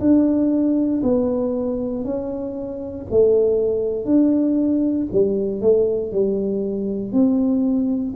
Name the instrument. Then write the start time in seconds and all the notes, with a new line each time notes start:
tuba
0.00 D4
1.03 B3
2.05 C#4
3.11 A3
4.05 D4
5.12 G3
5.61 A3
6.12 G3
7.12 C4